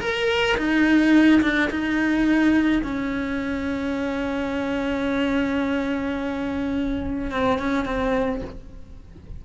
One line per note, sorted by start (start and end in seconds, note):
0.00 0.56 A#4
0.57 1.41 D#4
1.41 1.69 D4
1.70 2.82 D#4
2.83 7.31 C#4
7.31 7.59 C4
7.59 7.85 C#4
7.85 8.41 C4